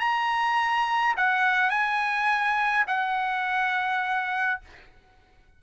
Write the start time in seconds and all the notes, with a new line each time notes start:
0.00 A#5
1.17 F#5
1.70 G#5
2.88 F#5